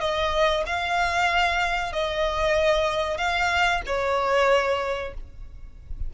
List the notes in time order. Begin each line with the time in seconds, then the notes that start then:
0.00 D#5
0.66 F5
1.92 D#5
3.17 F5
3.86 C#5